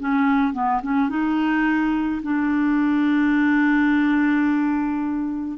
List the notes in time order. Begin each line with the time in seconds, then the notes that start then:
0.00 C#4
0.53 B3
0.83 C#4
1.10 D#4
2.23 D4